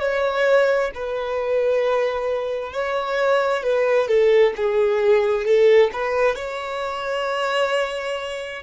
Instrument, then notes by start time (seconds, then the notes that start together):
violin
0.00 C#5
0.94 B4
2.73 C#5
3.63 B4
4.08 A4
4.56 G#4
5.45 A4
5.93 B4
6.35 C#5